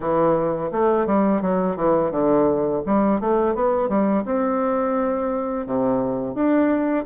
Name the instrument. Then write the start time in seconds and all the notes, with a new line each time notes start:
bassoon
0.00 E3
0.71 A3
1.06 G3
1.41 F#3
1.76 E3
2.11 D3
2.86 G3
3.20 A3
3.54 B3
3.88 G3
4.25 C4
5.66 C3
6.34 D4